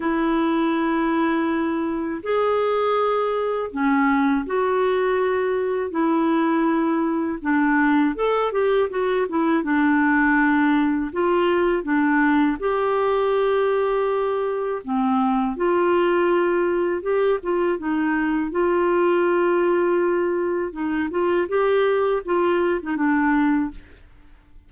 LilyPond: \new Staff \with { instrumentName = "clarinet" } { \time 4/4 \tempo 4 = 81 e'2. gis'4~ | gis'4 cis'4 fis'2 | e'2 d'4 a'8 g'8 | fis'8 e'8 d'2 f'4 |
d'4 g'2. | c'4 f'2 g'8 f'8 | dis'4 f'2. | dis'8 f'8 g'4 f'8. dis'16 d'4 | }